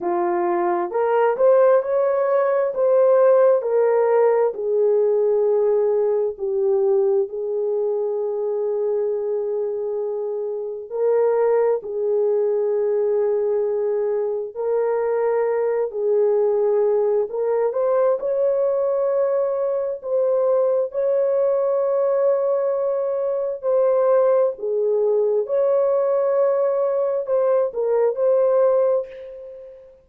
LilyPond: \new Staff \with { instrumentName = "horn" } { \time 4/4 \tempo 4 = 66 f'4 ais'8 c''8 cis''4 c''4 | ais'4 gis'2 g'4 | gis'1 | ais'4 gis'2. |
ais'4. gis'4. ais'8 c''8 | cis''2 c''4 cis''4~ | cis''2 c''4 gis'4 | cis''2 c''8 ais'8 c''4 | }